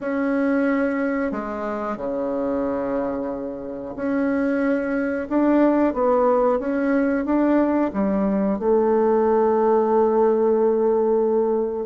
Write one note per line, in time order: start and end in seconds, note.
0.01 1.31 C#4
1.31 1.96 G#3
1.96 3.94 C#3
3.96 5.27 C#4
5.29 5.93 D4
5.93 6.59 B3
6.59 7.25 C#4
7.25 7.91 D4
7.93 8.58 G3
8.58 11.85 A3